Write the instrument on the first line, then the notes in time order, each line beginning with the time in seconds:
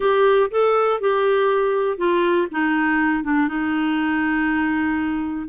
clarinet
0.00 G4
0.50 A4
1.00 G4
1.97 F4
2.51 D#4
3.23 D4
3.47 D#4